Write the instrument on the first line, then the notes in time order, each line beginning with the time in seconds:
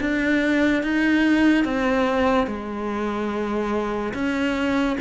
cello
0.00 D4
0.83 D#4
1.65 C4
2.47 G#3
4.14 C#4